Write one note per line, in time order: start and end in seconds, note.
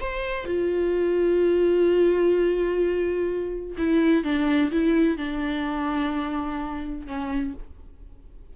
0.00 0.45 C5
0.45 3.76 F4
3.77 4.23 E4
4.23 4.71 D4
4.71 5.17 E4
5.17 7.06 D4
7.06 7.53 C#4